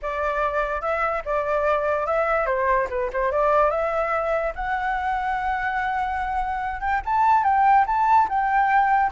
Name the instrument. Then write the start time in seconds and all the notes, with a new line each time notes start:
flute
0.02 D5
0.81 E5
1.25 D5
2.06 E5
2.46 C5
2.89 B4
3.12 C5
3.31 D5
3.70 E5
4.55 F#5
6.81 G5
7.05 A5
7.43 G5
7.86 A5
8.28 G5